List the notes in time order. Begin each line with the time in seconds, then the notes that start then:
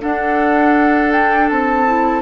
0.00 D4 A4 F#5
1.11 G5
1.49 C4 A5
1.85 E4